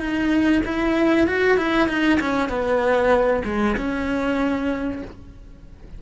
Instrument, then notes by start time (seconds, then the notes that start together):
cello
0.00 D#4
0.65 E4
1.27 F#4
1.58 E4
1.89 D#4
2.20 C#4
2.49 B3
3.45 G#3
3.77 C#4